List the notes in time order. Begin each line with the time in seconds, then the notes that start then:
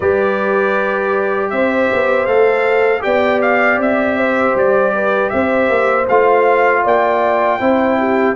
0.00 G3 G4 B4 D5
1.50 C4 C5 E5
1.92 B3
2.26 A3 A4 F5
3.00 B3 G4 D5 G5
3.41 F5
3.78 C4 E5
4.17 C5
4.55 G3 D5
4.94 B4
5.29 C4 C5 E5
5.69 A#3
6.08 A3 F4 F5
6.82 A#3 D5 G5
7.59 C4 E4 C5
7.99 G4